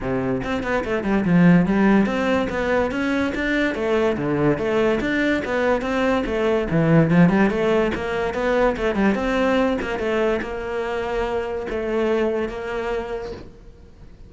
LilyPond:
\new Staff \with { instrumentName = "cello" } { \time 4/4 \tempo 4 = 144 c4 c'8 b8 a8 g8 f4 | g4 c'4 b4 cis'4 | d'4 a4 d4 a4 | d'4 b4 c'4 a4 |
e4 f8 g8 a4 ais4 | b4 a8 g8 c'4. ais8 | a4 ais2. | a2 ais2 | }